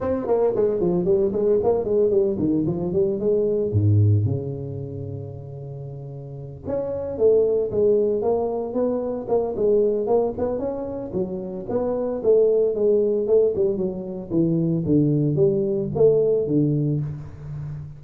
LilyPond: \new Staff \with { instrumentName = "tuba" } { \time 4/4 \tempo 4 = 113 c'8 ais8 gis8 f8 g8 gis8 ais8 gis8 | g8 dis8 f8 g8 gis4 gis,4 | cis1~ | cis8 cis'4 a4 gis4 ais8~ |
ais8 b4 ais8 gis4 ais8 b8 | cis'4 fis4 b4 a4 | gis4 a8 g8 fis4 e4 | d4 g4 a4 d4 | }